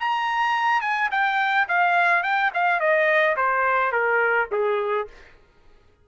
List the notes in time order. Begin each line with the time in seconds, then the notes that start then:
0.00 A#5
0.81 G#5
1.11 G5
1.68 F5
2.23 G5
2.54 F5
2.80 D#5
3.36 C5
3.92 A#4
4.52 G#4